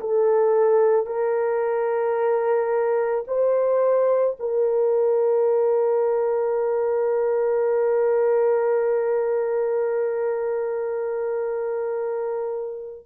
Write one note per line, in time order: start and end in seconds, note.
0.00 1.06 A4
1.06 3.24 A#4
3.27 4.36 C5
4.39 13.06 A#4